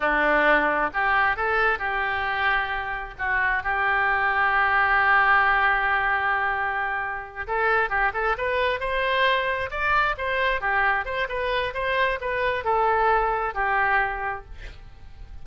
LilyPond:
\new Staff \with { instrumentName = "oboe" } { \time 4/4 \tempo 4 = 133 d'2 g'4 a'4 | g'2. fis'4 | g'1~ | g'1~ |
g'8 a'4 g'8 a'8 b'4 c''8~ | c''4. d''4 c''4 g'8~ | g'8 c''8 b'4 c''4 b'4 | a'2 g'2 | }